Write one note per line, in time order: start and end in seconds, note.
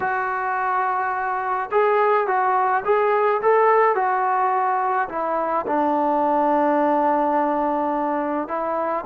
0.00 1.70 F#4
1.71 2.27 G#4
2.27 2.83 F#4
2.84 3.41 G#4
3.41 3.95 A4
3.95 5.08 F#4
5.08 5.65 E4
5.67 8.48 D4
8.48 9.04 E4